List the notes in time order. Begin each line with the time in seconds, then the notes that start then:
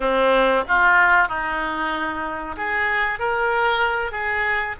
0.00 C4
0.68 F4
1.28 D#4
2.56 G#4
3.19 A#4
4.11 G#4